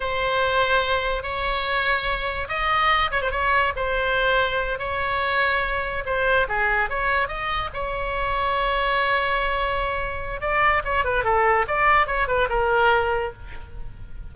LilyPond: \new Staff \with { instrumentName = "oboe" } { \time 4/4 \tempo 4 = 144 c''2. cis''4~ | cis''2 dis''4. cis''16 c''16 | cis''4 c''2~ c''8 cis''8~ | cis''2~ cis''8 c''4 gis'8~ |
gis'8 cis''4 dis''4 cis''4.~ | cis''1~ | cis''4 d''4 cis''8 b'8 a'4 | d''4 cis''8 b'8 ais'2 | }